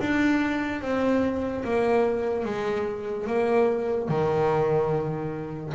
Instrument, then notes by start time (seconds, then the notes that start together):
double bass
0.00 D4
0.81 C4
1.64 A#3
2.45 G#3
3.27 A#3
4.09 D#3